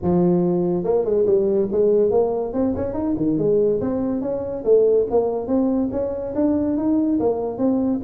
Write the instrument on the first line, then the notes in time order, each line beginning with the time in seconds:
tuba
0.02 F3
0.84 A#3
1.04 G#3
1.26 G3
1.71 G#3
2.10 A#3
2.53 C4
2.76 C#4
2.93 D#4
3.16 D#3
3.38 G#3
3.80 C4
4.21 C#4
4.64 A3
5.10 A#3
5.47 C4
5.91 C#4
6.34 D4
6.77 D#4
7.19 A#3
7.57 C4